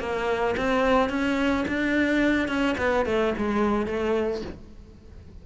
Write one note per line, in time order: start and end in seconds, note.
0.00 0.56 A#3
0.57 1.09 C4
1.09 1.65 C#4
1.68 2.48 D4
2.48 2.76 C#4
2.78 3.06 B3
3.06 3.34 A3
3.38 3.86 G#3
3.86 4.42 A3